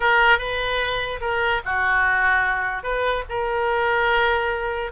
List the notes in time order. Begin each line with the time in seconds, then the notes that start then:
0.00 A#4
0.38 B4
1.21 A#4
1.65 F#4
2.83 B4
3.29 A#4